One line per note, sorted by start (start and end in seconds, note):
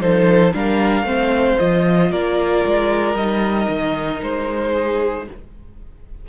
0.00 0.53 F3
0.00 0.53 D#4
0.00 0.54 A4
0.00 0.54 C5
0.53 1.02 G3
0.53 1.06 D4
0.53 1.06 A#4
0.53 1.59 F5
1.02 1.55 A3
1.02 1.59 C4
1.02 2.11 C5
1.59 2.12 F3
1.59 3.17 F4
1.59 2.12 D#5
2.11 2.65 A#3
2.11 4.73 A#4
2.11 3.16 D5
2.65 3.15 G#3
3.15 3.67 G3
3.15 5.29 D#4
3.15 4.21 D#5
3.68 4.21 D#3
4.22 5.28 G#3
4.22 5.28 C5
4.73 5.26 G#4